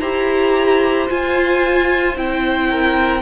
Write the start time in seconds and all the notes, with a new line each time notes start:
0.00 E4 G4 C5 A#5
1.08 F4 G#5
2.16 C4 E4 G5
2.71 A#4